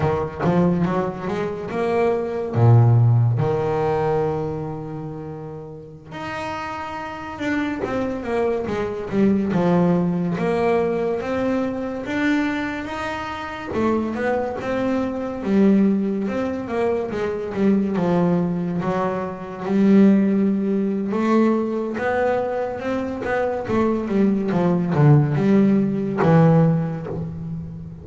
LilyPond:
\new Staff \with { instrumentName = "double bass" } { \time 4/4 \tempo 4 = 71 dis8 f8 fis8 gis8 ais4 ais,4 | dis2.~ dis16 dis'8.~ | dis'8. d'8 c'8 ais8 gis8 g8 f8.~ | f16 ais4 c'4 d'4 dis'8.~ |
dis'16 a8 b8 c'4 g4 c'8 ais16~ | ais16 gis8 g8 f4 fis4 g8.~ | g4 a4 b4 c'8 b8 | a8 g8 f8 d8 g4 e4 | }